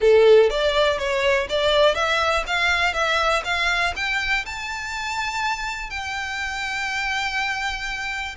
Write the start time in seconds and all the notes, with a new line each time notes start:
0.00 A4
0.50 D5
0.98 C#5
1.49 D5
1.94 E5
2.47 F5
2.93 E5
3.44 F5
3.96 G5
4.45 A5
5.89 G5